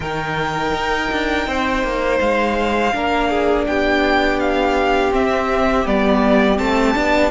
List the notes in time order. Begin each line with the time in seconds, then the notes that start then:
0.00 D#3 D#4 A#4 G5
0.73 D#4
1.12 D4
1.46 C4 C5
1.83 A#3
2.20 G#3 F5
2.92 A#3 D4 A#4
3.29 G#4
3.66 B3 G4 G5
4.39 F5
5.10 C4 E5
5.85 G3 B3 D5
6.57 A3 C4 A5
6.94 B3 D4